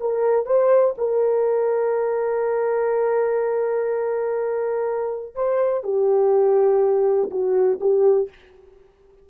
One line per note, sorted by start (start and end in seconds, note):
0.00 0.45 A#4
0.45 0.94 C5
0.98 5.35 A#4
5.35 5.83 C5
5.83 7.29 G4
7.30 7.79 F#4
7.80 8.29 G4